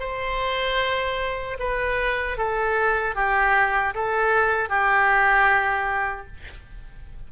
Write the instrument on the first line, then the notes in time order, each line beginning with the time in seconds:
oboe
0.00 C5
1.60 B4
2.38 A4
3.15 G4
3.95 A4
4.69 G4